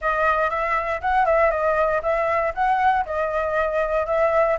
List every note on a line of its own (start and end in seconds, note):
0.01 0.49 D#5
0.49 1.00 E5
1.01 1.25 F#5
1.25 1.50 E5
1.50 2.01 D#5
2.02 2.53 E5
2.54 3.05 F#5
3.05 4.06 D#5
4.06 4.57 E5